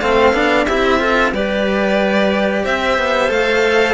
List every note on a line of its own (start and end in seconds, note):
0.00 0.32 A3
0.00 0.34 C4
0.00 0.66 A4
0.00 0.65 F5
0.32 0.65 B3
0.32 0.67 D4
0.65 1.32 C4
0.65 0.99 E4
0.65 0.99 G4
0.65 1.31 E5
0.99 1.32 F4
0.99 1.32 A4
1.32 2.64 G3
1.32 3.28 G4
1.32 2.63 B4
1.32 2.65 D5
2.63 2.98 C4
2.63 3.94 C5
2.63 3.30 E5
2.98 3.29 B3
3.28 3.94 A3
3.28 3.94 A4
3.28 3.94 F5